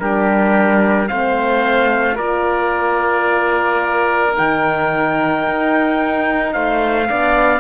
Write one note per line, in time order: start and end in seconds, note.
0.00 1.10 G3
0.00 1.09 D4
0.00 1.10 G4
0.00 1.08 A#4
1.08 2.20 A3
1.08 2.18 C4
1.08 2.15 C5
1.08 2.17 F5
2.15 4.38 A#3
2.15 4.34 F4
2.15 6.52 A#4
2.15 4.36 D5
4.34 5.48 D#3
4.34 7.07 D#4
4.34 6.53 G5
5.48 6.55 D#4
6.53 7.10 A3
6.53 7.09 C5
6.53 7.60 F5
7.08 7.60 B3
7.08 7.60 D4
7.08 7.60 D5